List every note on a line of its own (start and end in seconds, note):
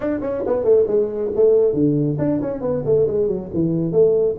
0.00 0.20 D4
0.21 0.43 C#4
0.46 0.64 B3
0.64 0.85 A3
0.87 1.31 G#3
1.35 1.73 A3
1.73 2.17 D3
2.18 2.40 D4
2.41 2.61 C#4
2.61 2.83 B3
2.85 3.07 A3
3.07 3.27 G#3
3.27 3.49 F#3
3.53 3.91 E3
3.91 4.35 A3